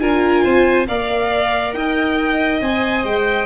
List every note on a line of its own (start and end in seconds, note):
0.00 0.44 D4
0.00 0.87 F4
0.00 0.44 A#4
0.00 0.87 G#5
0.44 0.88 C4
0.44 0.87 C5
0.88 1.74 A#3
0.88 2.62 A#4
0.88 1.75 D5
0.88 1.73 F5
1.73 2.61 D#4
1.73 3.46 D#5
1.73 2.60 G5
2.61 3.04 C4
2.61 3.46 C5
2.61 3.05 G#5
3.04 3.46 G#3
3.04 3.46 G5